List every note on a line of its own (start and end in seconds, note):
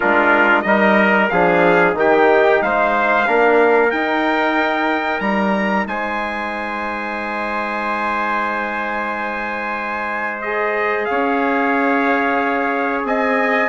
0.00 0.64 G#3
0.00 0.64 D4
0.00 0.64 F4
0.00 0.61 A#4
0.61 1.29 G3
0.61 1.29 D#4
0.61 1.32 A#4
0.61 1.26 D#5
1.29 1.94 F3
1.29 1.94 D4
1.29 1.97 G#4
1.29 1.94 F5
1.94 2.59 D#3
1.94 3.24 D#4
1.94 2.63 G4
1.94 2.62 G5
2.61 3.26 G#3
2.61 3.27 C5
2.61 3.90 F5
3.26 3.92 A#3
3.26 3.90 D4
3.26 5.88 A#4
3.90 10.43 D#4
3.90 5.20 D#4
3.90 5.20 G5
5.20 5.85 G3
5.20 5.85 A#5
5.86 11.08 G#3
5.86 11.10 C5
5.86 10.41 G#5
10.41 13.68 G#4
10.41 11.05 D#5
11.05 13.04 C#4
11.05 13.05 C#5
11.05 13.01 F5
13.04 13.68 C4
13.04 13.68 D#5
13.04 13.68 G#5